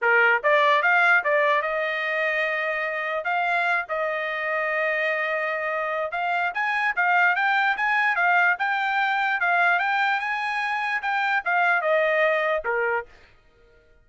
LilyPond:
\new Staff \with { instrumentName = "trumpet" } { \time 4/4 \tempo 4 = 147 ais'4 d''4 f''4 d''4 | dis''1 | f''4. dis''2~ dis''8~ | dis''2. f''4 |
gis''4 f''4 g''4 gis''4 | f''4 g''2 f''4 | g''4 gis''2 g''4 | f''4 dis''2 ais'4 | }